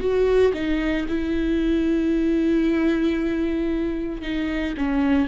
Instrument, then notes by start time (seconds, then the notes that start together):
viola
0.00 F#4
0.54 D#4
1.09 E4
4.22 D#4
4.78 C#4